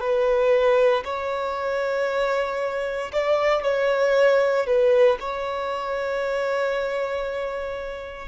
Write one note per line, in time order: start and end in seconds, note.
0.00 1.03 B4
1.04 3.11 C#5
3.12 3.63 D5
3.63 4.66 C#5
4.66 5.18 B4
5.20 8.28 C#5